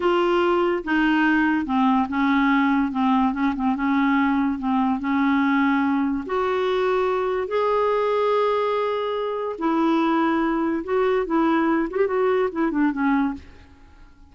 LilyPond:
\new Staff \with { instrumentName = "clarinet" } { \time 4/4 \tempo 4 = 144 f'2 dis'2 | c'4 cis'2 c'4 | cis'8 c'8 cis'2 c'4 | cis'2. fis'4~ |
fis'2 gis'2~ | gis'2. e'4~ | e'2 fis'4 e'4~ | e'8 fis'16 g'16 fis'4 e'8 d'8 cis'4 | }